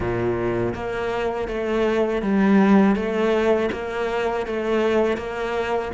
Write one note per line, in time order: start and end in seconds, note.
0.00 0.74 A#2
0.74 1.47 A#3
1.47 2.22 A3
2.22 2.95 G3
2.95 3.69 A3
3.72 4.46 A#3
4.46 5.17 A3
5.17 5.91 A#3